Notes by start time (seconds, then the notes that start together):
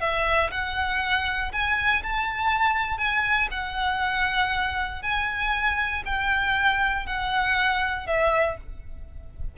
0.00 E5
0.51 F#5
1.52 G#5
2.02 A5
2.97 G#5
3.51 F#5
5.02 G#5
6.05 G5
7.06 F#5
8.06 E5